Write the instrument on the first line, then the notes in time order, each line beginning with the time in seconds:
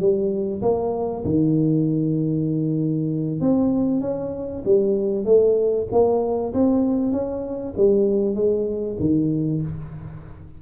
tuba
0.00 G3
0.62 A#3
1.25 D#3
3.41 C4
4.01 C#4
4.65 G3
5.25 A3
5.92 A#3
6.54 C4
7.12 C#4
7.77 G3
8.35 G#3
9.00 D#3